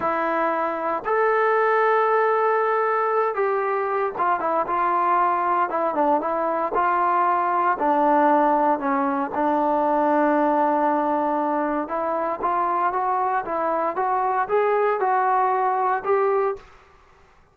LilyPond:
\new Staff \with { instrumentName = "trombone" } { \time 4/4 \tempo 4 = 116 e'2 a'2~ | a'2~ a'8 g'4. | f'8 e'8 f'2 e'8 d'8 | e'4 f'2 d'4~ |
d'4 cis'4 d'2~ | d'2. e'4 | f'4 fis'4 e'4 fis'4 | gis'4 fis'2 g'4 | }